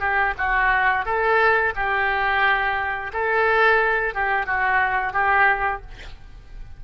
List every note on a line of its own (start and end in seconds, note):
0.00 0.34 G4
0.38 1.05 F#4
1.05 1.74 A4
1.75 3.12 G4
3.13 4.14 A4
4.14 4.46 G4
4.46 5.13 F#4
5.13 5.81 G4